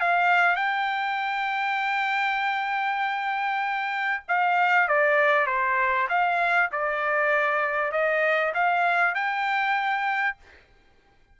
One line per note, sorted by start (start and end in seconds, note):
0.00 0.56 F5
0.56 4.23 G5
4.28 4.88 F5
4.88 5.46 D5
5.46 6.08 C5
6.09 6.70 F5
6.71 7.92 D5
7.92 8.53 D#5
8.54 9.14 F5
9.14 10.37 G5